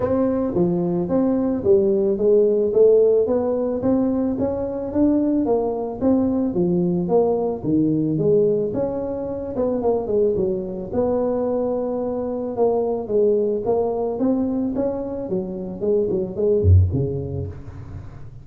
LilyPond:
\new Staff \with { instrumentName = "tuba" } { \time 4/4 \tempo 4 = 110 c'4 f4 c'4 g4 | gis4 a4 b4 c'4 | cis'4 d'4 ais4 c'4 | f4 ais4 dis4 gis4 |
cis'4. b8 ais8 gis8 fis4 | b2. ais4 | gis4 ais4 c'4 cis'4 | fis4 gis8 fis8 gis8 fis,8 cis4 | }